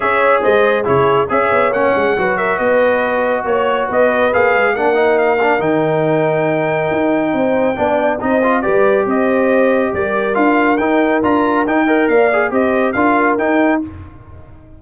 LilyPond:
<<
  \new Staff \with { instrumentName = "trumpet" } { \time 4/4 \tempo 4 = 139 e''4 dis''4 cis''4 e''4 | fis''4. e''8 dis''2 | cis''4 dis''4 f''4 fis''4 | f''4 g''2.~ |
g''2. dis''4 | d''4 dis''2 d''4 | f''4 g''4 ais''4 g''4 | f''4 dis''4 f''4 g''4 | }
  \new Staff \with { instrumentName = "horn" } { \time 4/4 cis''4 c''4 gis'4 cis''4~ | cis''4 b'8 ais'8 b'2 | cis''4 b'2 ais'4~ | ais'1~ |
ais'4 c''4 d''4 c''4 | b'4 c''2 ais'4~ | ais'2.~ ais'8 dis''8 | d''4 c''4 ais'2 | }
  \new Staff \with { instrumentName = "trombone" } { \time 4/4 gis'2 e'4 gis'4 | cis'4 fis'2.~ | fis'2 gis'4 d'8 dis'8~ | dis'8 d'8 dis'2.~ |
dis'2 d'4 dis'8 f'8 | g'1 | f'4 dis'4 f'4 dis'8 ais'8~ | ais'8 gis'8 g'4 f'4 dis'4 | }
  \new Staff \with { instrumentName = "tuba" } { \time 4/4 cis'4 gis4 cis4 cis'8 b8 | ais8 gis8 fis4 b2 | ais4 b4 ais8 gis8 ais4~ | ais4 dis2. |
dis'4 c'4 b4 c'4 | g4 c'2 g4 | d'4 dis'4 d'4 dis'4 | ais4 c'4 d'4 dis'4 | }
>>